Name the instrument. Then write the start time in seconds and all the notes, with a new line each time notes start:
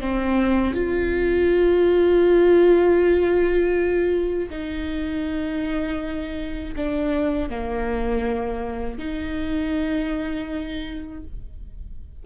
viola
0.00 C4
0.74 F4
4.49 D#4
6.76 D4
7.49 A#3
8.98 D#4